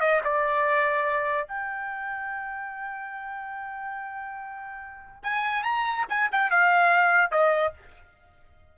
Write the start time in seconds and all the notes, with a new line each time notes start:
0.00 D#5
0.24 D5
1.48 G5
5.23 G#5
5.63 A#5
6.09 G#5
6.32 G5
6.51 F5
7.31 D#5